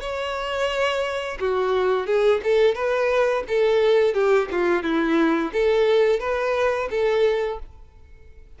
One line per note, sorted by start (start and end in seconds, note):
0.00 1.38 C#5
1.39 2.06 F#4
2.06 2.40 G#4
2.43 2.74 A4
2.74 3.43 B4
3.47 4.14 A4
4.14 4.48 G4
4.51 4.82 F4
4.82 5.51 E4
5.52 6.19 A4
6.19 6.88 B4
6.90 7.59 A4